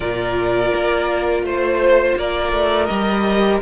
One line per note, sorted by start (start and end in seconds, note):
0.00 0.71 A#2
0.00 2.89 F4
0.00 1.44 A#4
0.00 1.43 D5
0.75 1.42 A#3
1.42 2.14 A3
1.42 2.17 C5
1.42 2.18 C5
2.16 2.52 A#3
2.16 3.62 A#4
2.16 2.85 D5
2.52 2.88 A3
2.85 3.62 G3
2.85 3.61 G4
2.85 3.57 D#5